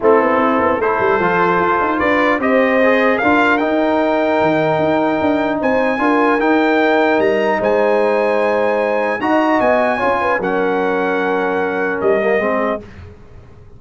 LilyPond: <<
  \new Staff \with { instrumentName = "trumpet" } { \time 4/4 \tempo 4 = 150 a'2 c''2~ | c''4 d''4 dis''2 | f''4 g''2.~ | g''2 gis''2 |
g''2 ais''4 gis''4~ | gis''2. ais''4 | gis''2 fis''2~ | fis''2 dis''2 | }
  \new Staff \with { instrumentName = "horn" } { \time 4/4 e'2 a'2~ | a'4 b'4 c''2 | ais'1~ | ais'2 c''4 ais'4~ |
ais'2. c''4~ | c''2. dis''4~ | dis''4 cis''8 b'8 ais'2~ | ais'2. gis'4 | }
  \new Staff \with { instrumentName = "trombone" } { \time 4/4 c'2 e'4 f'4~ | f'2 g'4 gis'4 | f'4 dis'2.~ | dis'2. f'4 |
dis'1~ | dis'2. fis'4~ | fis'4 f'4 cis'2~ | cis'2~ cis'8 ais8 c'4 | }
  \new Staff \with { instrumentName = "tuba" } { \time 4/4 a8 b8 c'8 b8 a8 g8 f4 | f'8 dis'8 d'4 c'2 | d'4 dis'2 dis4 | dis'4 d'4 c'4 d'4 |
dis'2 g4 gis4~ | gis2. dis'4 | b4 cis'4 fis2~ | fis2 g4 gis4 | }
>>